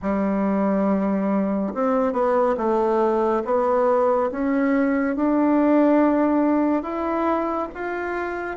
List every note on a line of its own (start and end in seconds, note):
0.02 1.73 G3
1.74 2.12 C4
2.12 2.55 B3
2.57 3.42 A3
3.44 4.30 B3
4.31 5.16 C#4
5.16 6.82 D4
6.82 7.68 E4
7.74 8.56 F4